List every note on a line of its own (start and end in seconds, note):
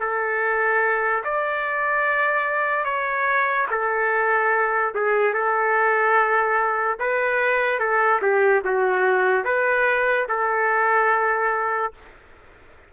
0.00 1.23 A4
1.24 2.84 D5
2.84 3.67 C#5
3.70 4.94 A4
4.94 5.34 G#4
5.34 6.98 A4
6.99 7.79 B4
7.79 8.20 A4
8.22 8.63 G4
8.65 9.45 F#4
9.45 10.27 B4
10.29 11.93 A4